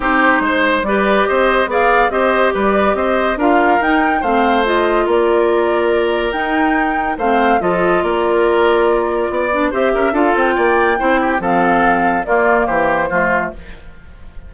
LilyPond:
<<
  \new Staff \with { instrumentName = "flute" } { \time 4/4 \tempo 4 = 142 c''2 d''4 dis''4 | f''4 dis''4 d''4 dis''4 | f''4 g''4 f''4 dis''4 | d''2. g''4~ |
g''4 f''4 dis''4 d''4~ | d''2. e''4 | f''8 g''2~ g''8 f''4~ | f''4 d''4 c''2 | }
  \new Staff \with { instrumentName = "oboe" } { \time 4/4 g'4 c''4 b'4 c''4 | d''4 c''4 b'4 c''4 | ais'2 c''2 | ais'1~ |
ais'4 c''4 a'4 ais'4~ | ais'2 d''4 c''8 ais'8 | a'4 d''4 c''8 g'8 a'4~ | a'4 f'4 g'4 f'4 | }
  \new Staff \with { instrumentName = "clarinet" } { \time 4/4 dis'2 g'2 | gis'4 g'2. | f'4 dis'4 c'4 f'4~ | f'2. dis'4~ |
dis'4 c'4 f'2~ | f'2~ f'8 d'8 g'4 | f'2 e'4 c'4~ | c'4 ais2 a4 | }
  \new Staff \with { instrumentName = "bassoon" } { \time 4/4 c'4 gis4 g4 c'4 | b4 c'4 g4 c'4 | d'4 dis'4 a2 | ais2. dis'4~ |
dis'4 a4 f4 ais4~ | ais2 b4 c'8 cis'8 | d'8 c'8 ais4 c'4 f4~ | f4 ais4 e4 f4 | }
>>